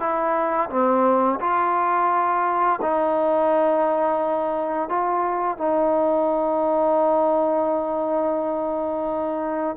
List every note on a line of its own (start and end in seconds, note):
0.00 0.70 E4
0.70 1.40 C4
1.40 2.80 F4
2.82 4.89 D#4
4.89 5.58 F4
5.58 9.77 D#4